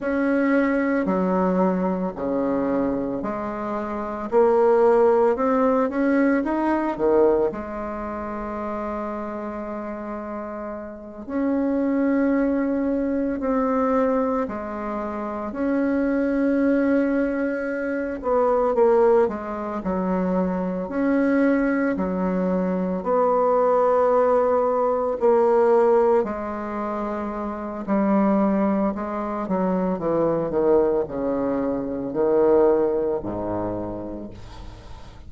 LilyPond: \new Staff \with { instrumentName = "bassoon" } { \time 4/4 \tempo 4 = 56 cis'4 fis4 cis4 gis4 | ais4 c'8 cis'8 dis'8 dis8 gis4~ | gis2~ gis8 cis'4.~ | cis'8 c'4 gis4 cis'4.~ |
cis'4 b8 ais8 gis8 fis4 cis'8~ | cis'8 fis4 b2 ais8~ | ais8 gis4. g4 gis8 fis8 | e8 dis8 cis4 dis4 gis,4 | }